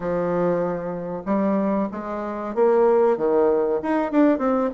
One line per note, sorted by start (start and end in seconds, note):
0.00 1.22 F3
1.25 1.88 G3
1.91 2.54 G#3
2.54 3.17 A#3
3.17 3.80 D#3
3.82 4.11 D#4
4.11 4.38 D4
4.38 4.70 C4